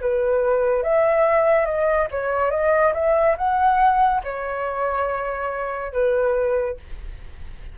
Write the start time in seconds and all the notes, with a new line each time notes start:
0.00 B4
0.83 E5
1.65 D#5
2.11 C#5
2.50 D#5
2.93 E5
3.37 F#5
4.23 C#5
5.92 B4